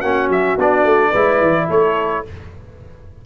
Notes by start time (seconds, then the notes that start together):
0.00 A#3 C#4 F#4 F#5
0.29 F#3 E5
0.57 B3 D4 D5
0.84 A3
1.10 G#3 E4 B4
1.41 E3
1.69 A3 A4 C#5